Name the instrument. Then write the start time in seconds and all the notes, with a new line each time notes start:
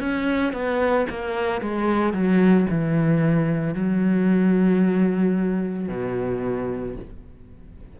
cello
0.00 C#4
0.54 B3
1.10 A#3
1.62 G#3
2.13 F#3
2.70 E3
3.75 F#3
5.89 B2